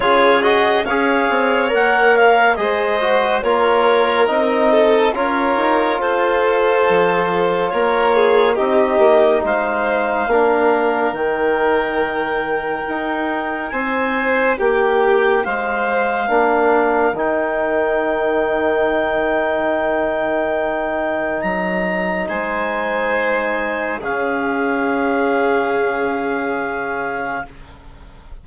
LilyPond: <<
  \new Staff \with { instrumentName = "clarinet" } { \time 4/4 \tempo 4 = 70 cis''8 dis''8 f''4 fis''8 f''8 dis''4 | cis''4 dis''4 cis''4 c''4~ | c''4 cis''4 dis''4 f''4~ | f''4 g''2. |
gis''4 g''4 f''2 | g''1~ | g''4 ais''4 gis''2 | f''1 | }
  \new Staff \with { instrumentName = "violin" } { \time 4/4 gis'4 cis''2 c''4 | ais'4. a'8 ais'4 a'4~ | a'4 ais'8 gis'8 g'4 c''4 | ais'1 |
c''4 g'4 c''4 ais'4~ | ais'1~ | ais'2 c''2 | gis'1 | }
  \new Staff \with { instrumentName = "trombone" } { \time 4/4 f'8 fis'8 gis'4 ais'4 gis'8 fis'8 | f'4 dis'4 f'2~ | f'2 dis'2 | d'4 dis'2.~ |
dis'2. d'4 | dis'1~ | dis'1 | cis'1 | }
  \new Staff \with { instrumentName = "bassoon" } { \time 4/4 cis4 cis'8 c'8 ais4 gis4 | ais4 c'4 cis'8 dis'8 f'4 | f4 ais4 c'8 ais8 gis4 | ais4 dis2 dis'4 |
c'4 ais4 gis4 ais4 | dis1~ | dis4 fis4 gis2 | cis1 | }
>>